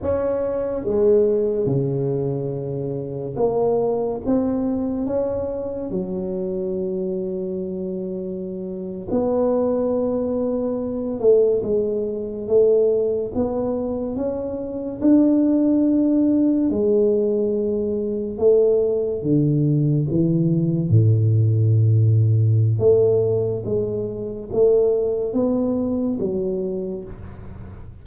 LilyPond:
\new Staff \with { instrumentName = "tuba" } { \time 4/4 \tempo 4 = 71 cis'4 gis4 cis2 | ais4 c'4 cis'4 fis4~ | fis2~ fis8. b4~ b16~ | b4~ b16 a8 gis4 a4 b16~ |
b8. cis'4 d'2 gis16~ | gis4.~ gis16 a4 d4 e16~ | e8. a,2~ a,16 a4 | gis4 a4 b4 fis4 | }